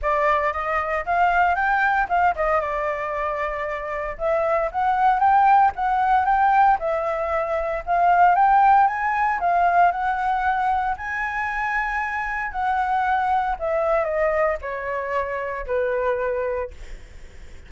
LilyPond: \new Staff \with { instrumentName = "flute" } { \time 4/4 \tempo 4 = 115 d''4 dis''4 f''4 g''4 | f''8 dis''8 d''2. | e''4 fis''4 g''4 fis''4 | g''4 e''2 f''4 |
g''4 gis''4 f''4 fis''4~ | fis''4 gis''2. | fis''2 e''4 dis''4 | cis''2 b'2 | }